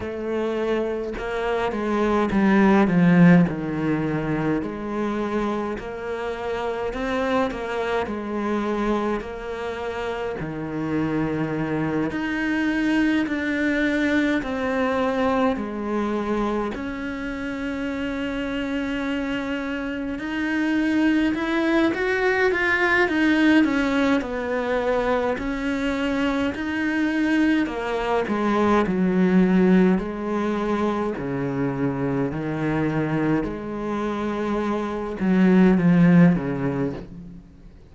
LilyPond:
\new Staff \with { instrumentName = "cello" } { \time 4/4 \tempo 4 = 52 a4 ais8 gis8 g8 f8 dis4 | gis4 ais4 c'8 ais8 gis4 | ais4 dis4. dis'4 d'8~ | d'8 c'4 gis4 cis'4.~ |
cis'4. dis'4 e'8 fis'8 f'8 | dis'8 cis'8 b4 cis'4 dis'4 | ais8 gis8 fis4 gis4 cis4 | dis4 gis4. fis8 f8 cis8 | }